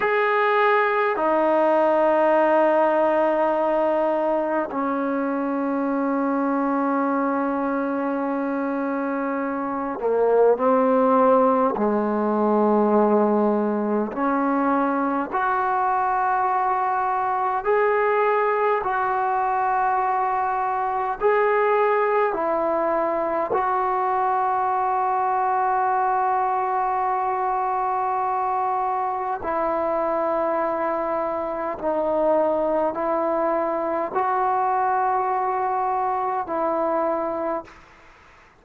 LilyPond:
\new Staff \with { instrumentName = "trombone" } { \time 4/4 \tempo 4 = 51 gis'4 dis'2. | cis'1~ | cis'8 ais8 c'4 gis2 | cis'4 fis'2 gis'4 |
fis'2 gis'4 e'4 | fis'1~ | fis'4 e'2 dis'4 | e'4 fis'2 e'4 | }